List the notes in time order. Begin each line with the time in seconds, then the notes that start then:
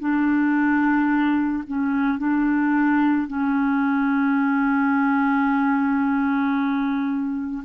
0.00 D4
1.67 C#4
2.18 D4
3.27 C#4